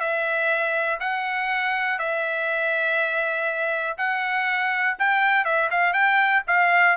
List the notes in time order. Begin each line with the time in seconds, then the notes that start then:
0.00 E5
1.00 F#5
1.98 E5
3.97 F#5
4.98 G5
5.45 E5
5.71 F5
5.93 G5
6.47 F5